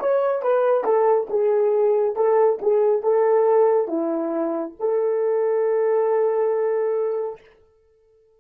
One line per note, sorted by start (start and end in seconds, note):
0.00 0.42 C#5
0.42 0.84 B4
0.84 1.28 A4
1.30 2.16 G#4
2.16 2.59 A4
2.62 3.03 G#4
3.03 3.88 A4
3.88 4.75 E4
4.79 7.40 A4